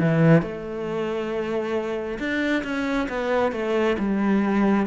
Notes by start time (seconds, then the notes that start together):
0.00 E3
0.43 A3
2.19 D4
2.64 C#4
3.09 B3
3.53 A3
3.99 G3